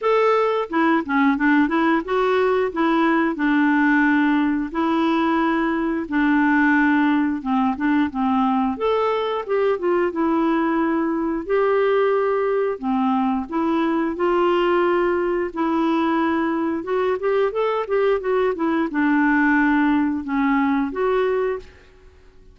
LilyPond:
\new Staff \with { instrumentName = "clarinet" } { \time 4/4 \tempo 4 = 89 a'4 e'8 cis'8 d'8 e'8 fis'4 | e'4 d'2 e'4~ | e'4 d'2 c'8 d'8 | c'4 a'4 g'8 f'8 e'4~ |
e'4 g'2 c'4 | e'4 f'2 e'4~ | e'4 fis'8 g'8 a'8 g'8 fis'8 e'8 | d'2 cis'4 fis'4 | }